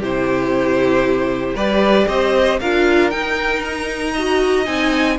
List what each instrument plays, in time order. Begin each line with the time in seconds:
0.00 cello C3, viola E4, violin G4 C5
1.55 cello G3, viola G4, violin B4 D5
2.08 cello C4, violin C5 D#5
2.60 cello D4, viola F4, violin A#4 F5
3.11 viola D#4, cello D#4, violin G5
3.65 violin A#5
4.13 viola F#4, violin D#5
4.65 cello C4, viola D#4, violin G#5